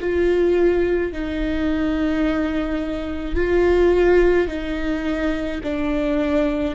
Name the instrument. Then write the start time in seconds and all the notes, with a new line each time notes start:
viola
0.00 F4
1.12 D#4
3.35 F4
4.47 D#4
5.63 D4